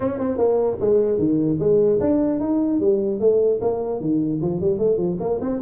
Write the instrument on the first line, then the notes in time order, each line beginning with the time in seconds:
tuba
0.00 C#4
0.19 C4
0.37 A#3
0.80 G#3
1.18 D#3
1.59 G#3
2.00 D4
2.40 D#4
2.80 G3
3.20 A3
3.61 A#3
4.00 D#3
4.41 F3
4.61 G3
4.78 A3
4.97 F3
5.20 A#3
5.41 C4